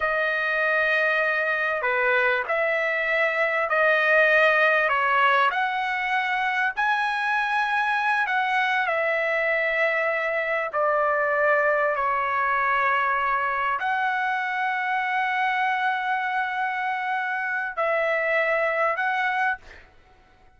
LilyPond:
\new Staff \with { instrumentName = "trumpet" } { \time 4/4 \tempo 4 = 98 dis''2. b'4 | e''2 dis''2 | cis''4 fis''2 gis''4~ | gis''4. fis''4 e''4.~ |
e''4. d''2 cis''8~ | cis''2~ cis''8 fis''4.~ | fis''1~ | fis''4 e''2 fis''4 | }